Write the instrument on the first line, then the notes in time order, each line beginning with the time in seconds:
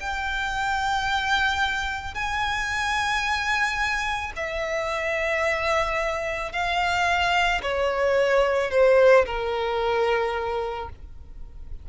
violin
0.00 G5
2.14 G#5
4.36 E5
6.53 F5
7.62 C#5
8.71 C5
9.26 A#4